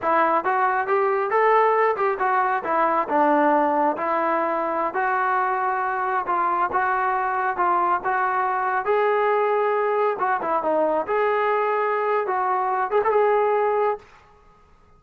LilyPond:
\new Staff \with { instrumentName = "trombone" } { \time 4/4 \tempo 4 = 137 e'4 fis'4 g'4 a'4~ | a'8 g'8 fis'4 e'4 d'4~ | d'4 e'2~ e'16 fis'8.~ | fis'2~ fis'16 f'4 fis'8.~ |
fis'4~ fis'16 f'4 fis'4.~ fis'16~ | fis'16 gis'2. fis'8 e'16~ | e'16 dis'4 gis'2~ gis'8. | fis'4. gis'16 a'16 gis'2 | }